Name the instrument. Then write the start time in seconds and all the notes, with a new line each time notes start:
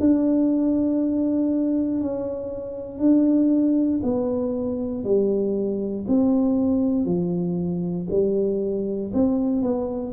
tuba
0.00 D4
2.01 C#4
2.99 D4
4.03 B3
5.04 G3
6.07 C4
7.05 F3
8.10 G3
9.13 C4
9.62 B3